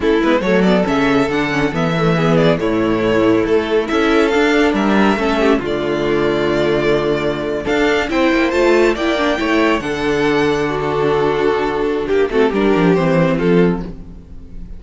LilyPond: <<
  \new Staff \with { instrumentName = "violin" } { \time 4/4 \tempo 4 = 139 a'8 b'8 cis''8 d''8 e''4 fis''4 | e''4. d''8 cis''2 | a'4 e''4 f''4 e''4~ | e''4 d''2.~ |
d''4.~ d''16 f''4 g''4 a''16~ | a''8. g''2 fis''4~ fis''16~ | fis''4 a'2. | g'8 a'8 ais'4 c''4 a'4 | }
  \new Staff \with { instrumentName = "violin" } { \time 4/4 e'4 a'2.~ | a'4 gis'4 e'2~ | e'4 a'2 ais'4 | a'8 g'8 f'2.~ |
f'4.~ f'16 a'4 c''4~ c''16~ | c''8. d''4 cis''4 a'4~ a'16~ | a'8. fis'2.~ fis'16 | g'8 fis'8 g'2 f'4 | }
  \new Staff \with { instrumentName = "viola" } { \time 4/4 cis'8 b8 a8 b8 cis'4 d'8 cis'8 | b8 a8 b4 a2~ | a4 e'4 d'2 | cis'4 a2.~ |
a4.~ a16 d'4 e'4 f'16~ | f'8. e'8 d'8 e'4 d'4~ d'16~ | d'1~ | d'8 c'8 d'4 c'2 | }
  \new Staff \with { instrumentName = "cello" } { \time 4/4 a8 gis8 fis4 cis4 d4 | e2 a,2 | a4 cis'4 d'4 g4 | a4 d2.~ |
d4.~ d16 d'4 c'8 ais8 a16~ | a8. ais4 a4 d4~ d16~ | d1 | ais8 a8 g8 f8 e4 f4 | }
>>